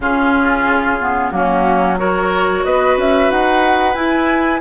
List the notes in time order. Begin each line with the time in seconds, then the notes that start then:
0.00 C#3 C#4 F4 G#4
1.01 B3
1.30 F#3 A#3 C#4 F#4
1.96 F#4 A#4 C#5
2.64 B3 B4 D#5
2.97 C#4 E5
3.30 D#4 F#5
3.94 E4 G#5